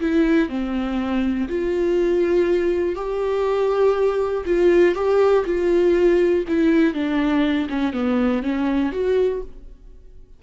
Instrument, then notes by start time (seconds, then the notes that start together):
viola
0.00 E4
0.49 C4
1.49 F4
2.95 G4
4.45 F4
4.95 G4
5.45 F4
6.48 E4
6.94 D4
7.69 C#4
7.93 B3
8.43 C#4
8.92 F#4